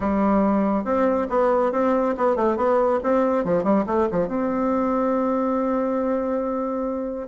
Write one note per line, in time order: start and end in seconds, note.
0.00 0.84 G3
0.84 1.27 C4
1.29 1.72 B3
1.72 2.14 C4
2.17 2.36 B3
2.36 2.56 A3
2.56 2.99 B3
3.03 3.44 C4
3.44 3.63 F3
3.63 3.85 G3
3.86 4.07 A3
4.11 4.27 F3
4.27 7.27 C4